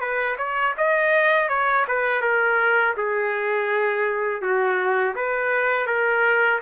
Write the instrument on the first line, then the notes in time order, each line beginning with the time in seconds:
trumpet
0.00 B4
0.38 C#5
0.78 D#5
1.49 C#5
1.88 B4
2.22 A#4
2.97 G#4
4.42 F#4
5.16 B4
5.87 A#4